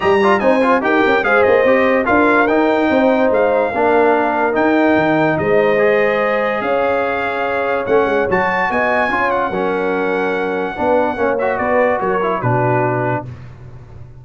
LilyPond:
<<
  \new Staff \with { instrumentName = "trumpet" } { \time 4/4 \tempo 4 = 145 ais''4 gis''4 g''4 f''8 dis''8~ | dis''4 f''4 g''2 | f''2. g''4~ | g''4 dis''2. |
f''2. fis''4 | a''4 gis''4. fis''4.~ | fis''2.~ fis''8 e''8 | d''4 cis''4 b'2 | }
  \new Staff \with { instrumentName = "horn" } { \time 4/4 dis''8 d''8 c''4 ais'4 c''4~ | c''4 ais'2 c''4~ | c''4 ais'2.~ | ais'4 c''2. |
cis''1~ | cis''4 dis''4 cis''4 ais'4~ | ais'2 b'4 cis''4 | b'4 ais'4 fis'2 | }
  \new Staff \with { instrumentName = "trombone" } { \time 4/4 g'8 f'8 dis'8 f'8 g'4 gis'4 | g'4 f'4 dis'2~ | dis'4 d'2 dis'4~ | dis'2 gis'2~ |
gis'2. cis'4 | fis'2 f'4 cis'4~ | cis'2 d'4 cis'8 fis'8~ | fis'4. e'8 d'2 | }
  \new Staff \with { instrumentName = "tuba" } { \time 4/4 g4 c'4 dis'8 cis'8 gis8 ais8 | c'4 d'4 dis'4 c'4 | gis4 ais2 dis'4 | dis4 gis2. |
cis'2. a8 gis8 | fis4 b4 cis'4 fis4~ | fis2 b4 ais4 | b4 fis4 b,2 | }
>>